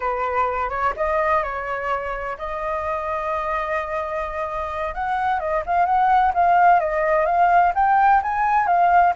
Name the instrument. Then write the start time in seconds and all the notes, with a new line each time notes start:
flute
0.00 B4
0.69 C#5
0.96 D#5
1.43 C#5
2.38 D#5
4.94 F#5
5.39 D#5
5.65 F5
5.85 F#5
6.34 F5
6.80 D#5
7.25 F5
7.74 G5
8.22 G#5
8.66 F5